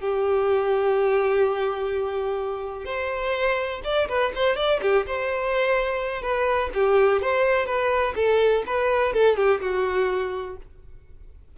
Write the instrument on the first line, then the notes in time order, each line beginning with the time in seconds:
violin
0.00 G4
2.85 C5
3.84 D5
4.08 B4
4.35 C5
4.56 D5
4.82 G4
5.07 C5
6.22 B4
6.74 G4
7.22 C5
7.66 B4
8.16 A4
8.67 B4
9.14 A4
9.37 G4
9.61 F#4